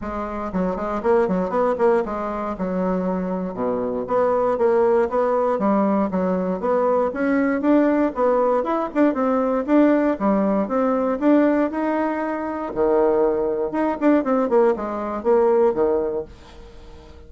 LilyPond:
\new Staff \with { instrumentName = "bassoon" } { \time 4/4 \tempo 4 = 118 gis4 fis8 gis8 ais8 fis8 b8 ais8 | gis4 fis2 b,4 | b4 ais4 b4 g4 | fis4 b4 cis'4 d'4 |
b4 e'8 d'8 c'4 d'4 | g4 c'4 d'4 dis'4~ | dis'4 dis2 dis'8 d'8 | c'8 ais8 gis4 ais4 dis4 | }